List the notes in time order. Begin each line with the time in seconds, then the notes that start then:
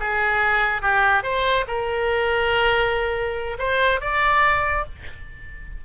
0.00 G#4
0.82 G4
1.23 C5
1.68 A#4
3.59 C5
4.01 D5